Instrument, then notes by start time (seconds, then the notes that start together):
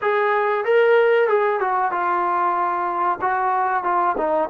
trombone
0.01 G#4
0.64 A#4
1.28 G#4
1.60 F#4
1.91 F4
3.21 F#4
3.83 F4
4.17 D#4